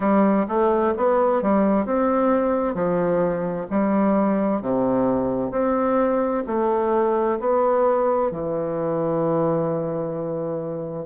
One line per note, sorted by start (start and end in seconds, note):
0.00 0.46 G3
0.47 0.94 A3
0.97 1.42 B3
1.42 1.85 G3
1.85 2.74 C4
2.74 3.66 F3
3.70 4.61 G3
4.61 5.51 C3
5.51 6.43 C4
6.46 7.38 A3
7.39 8.31 B3
8.31 11.06 E3